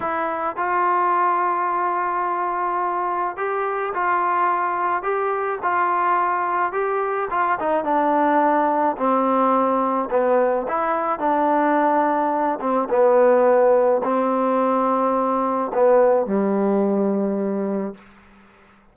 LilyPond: \new Staff \with { instrumentName = "trombone" } { \time 4/4 \tempo 4 = 107 e'4 f'2.~ | f'2 g'4 f'4~ | f'4 g'4 f'2 | g'4 f'8 dis'8 d'2 |
c'2 b4 e'4 | d'2~ d'8 c'8 b4~ | b4 c'2. | b4 g2. | }